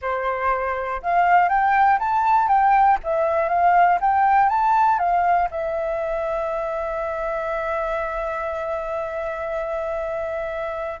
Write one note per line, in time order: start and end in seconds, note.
0.01 1.01 C5
1.02 1.49 F5
1.49 1.99 G5
1.99 2.48 A5
2.48 2.98 G5
3.03 3.48 E5
3.48 3.98 F5
4.00 4.49 G5
4.49 4.98 A5
4.98 5.48 F5
5.50 11.00 E5